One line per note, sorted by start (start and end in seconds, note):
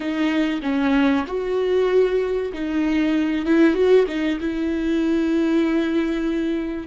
0.00 0.61 D#4
0.62 1.25 C#4
1.27 2.52 F#4
2.53 3.45 D#4
3.45 3.74 E4
3.74 4.05 F#4
4.07 4.38 D#4
4.40 6.87 E4